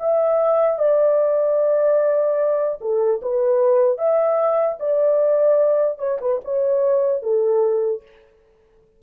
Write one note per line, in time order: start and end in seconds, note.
0.00 0.79 E5
0.79 2.79 D5
2.81 3.21 A4
3.22 3.98 B4
3.98 4.78 E5
4.80 5.99 D5
5.99 6.19 C#5
6.21 6.41 B4
6.45 7.23 C#5
7.23 8.03 A4